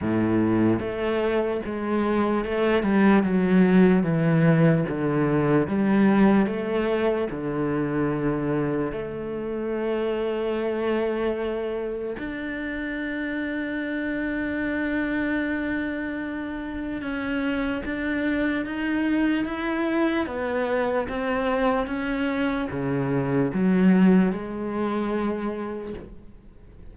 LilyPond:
\new Staff \with { instrumentName = "cello" } { \time 4/4 \tempo 4 = 74 a,4 a4 gis4 a8 g8 | fis4 e4 d4 g4 | a4 d2 a4~ | a2. d'4~ |
d'1~ | d'4 cis'4 d'4 dis'4 | e'4 b4 c'4 cis'4 | cis4 fis4 gis2 | }